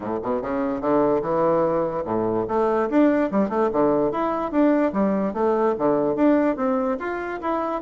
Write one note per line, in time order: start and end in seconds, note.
0.00 0.18 A2
0.22 0.41 B2
0.41 0.80 C#3
0.80 1.21 D3
1.21 2.04 E3
2.04 2.45 A2
2.48 2.89 A3
2.89 3.30 D4
3.31 3.49 G3
3.49 3.69 A3
3.72 4.11 D3
4.11 4.51 E4
4.51 4.92 D4
4.92 5.33 G3
5.33 5.74 A3
5.78 6.15 D3
6.15 6.56 D4
6.56 6.97 C4
6.99 7.40 F4
7.41 7.81 E4